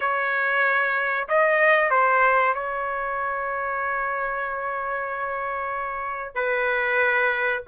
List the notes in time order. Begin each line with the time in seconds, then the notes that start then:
0.00 C#5
1.28 D#5
1.90 C5
2.54 C#5
6.35 B4